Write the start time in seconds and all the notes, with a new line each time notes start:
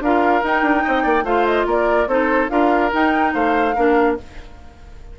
0.00 D4 F4 A#4 F5
0.42 D#4 G5
0.62 D4
0.83 C4 D#5
1.03 A#3 D5
1.23 A3 F4 C5 F5
1.46 D#5
1.66 A#3 A#4 D5
2.07 C4 D#4 A4 C5
2.49 D4 F4 A#4 F5
2.92 D#4 G5
3.33 A3 C5 F5
3.75 A#3 D4 A#4